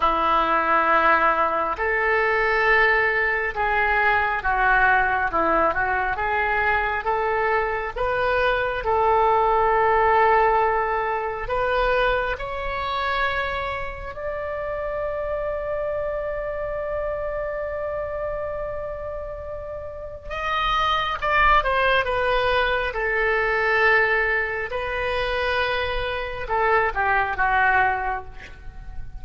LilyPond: \new Staff \with { instrumentName = "oboe" } { \time 4/4 \tempo 4 = 68 e'2 a'2 | gis'4 fis'4 e'8 fis'8 gis'4 | a'4 b'4 a'2~ | a'4 b'4 cis''2 |
d''1~ | d''2. dis''4 | d''8 c''8 b'4 a'2 | b'2 a'8 g'8 fis'4 | }